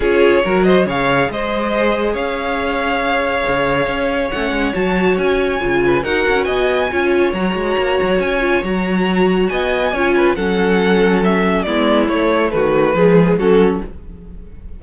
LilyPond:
<<
  \new Staff \with { instrumentName = "violin" } { \time 4/4 \tempo 4 = 139 cis''4. dis''8 f''4 dis''4~ | dis''4 f''2.~ | f''2 fis''4 a''4 | gis''2 fis''4 gis''4~ |
gis''4 ais''2 gis''4 | ais''2 gis''2 | fis''2 e''4 d''4 | cis''4 b'2 a'4 | }
  \new Staff \with { instrumentName = "violin" } { \time 4/4 gis'4 ais'8 c''8 cis''4 c''4~ | c''4 cis''2.~ | cis''1~ | cis''4. b'8 ais'4 dis''4 |
cis''1~ | cis''2 dis''4 cis''8 b'8 | a'2. e'4~ | e'4 fis'4 gis'4 fis'4 | }
  \new Staff \with { instrumentName = "viola" } { \time 4/4 f'4 fis'4 gis'2~ | gis'1~ | gis'2 cis'4 fis'4~ | fis'4 f'4 fis'2 |
f'4 fis'2~ fis'8 f'8 | fis'2. f'4 | cis'2. b4 | a2 gis4 cis'4 | }
  \new Staff \with { instrumentName = "cello" } { \time 4/4 cis'4 fis4 cis4 gis4~ | gis4 cis'2. | cis4 cis'4 a8 gis8 fis4 | cis'4 cis4 dis'8 cis'8 b4 |
cis'4 fis8 gis8 ais8 fis8 cis'4 | fis2 b4 cis'4 | fis2. gis4 | a4 dis4 f4 fis4 | }
>>